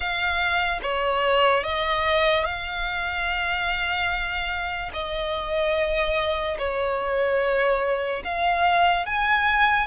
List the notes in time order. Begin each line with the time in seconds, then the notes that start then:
0.00 F5
0.82 C#5
1.63 D#5
2.44 F5
4.93 D#5
6.58 C#5
8.24 F5
9.06 G#5